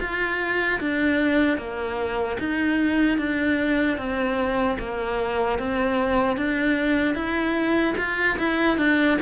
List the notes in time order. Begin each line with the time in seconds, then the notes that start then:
0.00 F4
0.81 D4
1.57 A#3
2.39 D#4
3.18 D4
3.97 C4
4.79 A#3
5.59 C4
6.37 D4
7.15 E4
7.98 F4
8.39 E4
8.77 D4